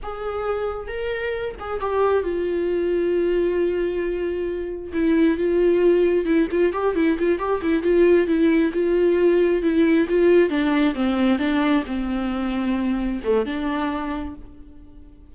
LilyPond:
\new Staff \with { instrumentName = "viola" } { \time 4/4 \tempo 4 = 134 gis'2 ais'4. gis'8 | g'4 f'2.~ | f'2. e'4 | f'2 e'8 f'8 g'8 e'8 |
f'8 g'8 e'8 f'4 e'4 f'8~ | f'4. e'4 f'4 d'8~ | d'8 c'4 d'4 c'4.~ | c'4. a8 d'2 | }